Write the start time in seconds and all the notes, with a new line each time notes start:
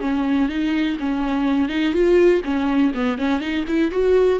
0.00 C#4
0.48 D#4
0.99 C#4
1.68 D#4
1.93 F4
2.44 C#4
2.94 B3
3.18 C#4
3.40 D#4
3.67 E4
3.91 F#4